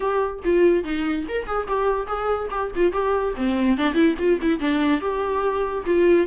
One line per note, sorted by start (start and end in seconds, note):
0.00 0.39 G4
0.44 0.84 F4
0.84 1.25 D#4
1.28 1.46 A#4
1.46 1.67 G#4
1.67 2.06 G4
2.06 2.48 G#4
2.50 2.71 G4
2.75 2.92 F4
2.92 3.34 G4
3.36 3.77 C4
3.77 3.94 D4
3.94 4.15 E4
4.18 4.39 F4
4.41 4.59 E4
4.59 5.00 D4
5.00 5.84 G4
5.85 6.27 F4